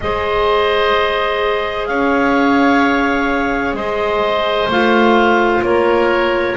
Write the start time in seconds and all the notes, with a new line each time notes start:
0.01 G#3 G#4 C5 D#5
1.86 C#4 C#5 F5
3.73 G#3 C5 D#5
4.67 A3 F4 F5
5.62 A#3 A#4 C#5